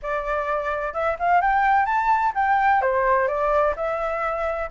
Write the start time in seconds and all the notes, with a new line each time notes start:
0.02 D5
0.93 E5
1.19 F5
1.41 G5
1.85 A5
2.34 G5
2.81 C5
3.27 D5
3.76 E5